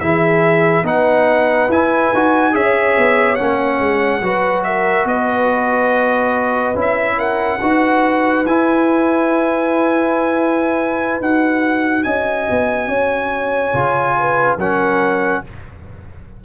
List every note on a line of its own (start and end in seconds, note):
0.00 0.83 E3
0.00 0.84 E4
0.00 0.84 G#4
0.00 0.85 E5
0.83 1.67 B3
0.83 1.69 D#4
0.83 2.53 B4
0.83 1.71 F#5
1.68 2.11 E4
1.68 2.15 E4
1.68 2.55 G#5
2.13 2.54 D#4
2.13 2.52 F#4
2.52 2.96 C#4
2.52 3.37 G#4
2.52 4.23 C#5
2.52 3.35 E5
2.97 3.40 B3
3.35 4.22 C#4
3.35 4.62 F#5
3.41 3.80 A#3
3.80 4.21 G#3
4.21 5.05 F#3
4.21 6.75 F#4
4.21 4.65 B4
4.64 5.08 A#4
4.64 5.06 E5
5.05 6.74 B3
5.05 7.17 B4
5.05 6.77 D#5
6.74 7.59 C#4
6.74 7.60 E4
6.80 7.19 E5
7.17 7.59 A#4
7.17 8.46 F#5
7.60 8.46 D#4
7.60 8.46 F#4
7.60 12.04 B4
8.46 11.20 E4
8.46 11.21 E4
8.46 11.21 G#5
11.20 12.05 D#4
11.20 13.74 F#4
11.20 12.03 F#5
12.03 12.48 C#4
12.03 12.88 D#5
12.03 14.57 G#5
12.50 12.87 B3
12.87 13.72 C#4
12.87 14.15 C#5
13.73 14.57 C#3
13.73 14.58 F4
14.18 14.58 B4
14.57 15.41 F#3
14.57 15.44 C#4
14.57 15.43 A#4
14.57 15.44 F#5